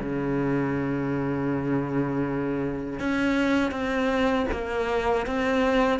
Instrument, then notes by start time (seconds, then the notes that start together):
cello
0.00 C#3
3.00 C#4
3.72 C4
4.52 A#3
5.27 C4